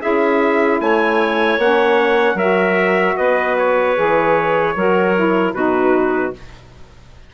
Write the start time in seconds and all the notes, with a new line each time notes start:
0.00 C#4 E4 G#4 E5
0.80 A3 C#5 G#5
1.58 A#3 C#4 F#5
2.34 F#3 F#4 A#4 E5
3.17 B3 B4 D#5
3.58 C#5
3.96 E3 G#4
4.75 F#3 F#4 A#4
5.15 E4
5.53 B2 D#4 F#4 B4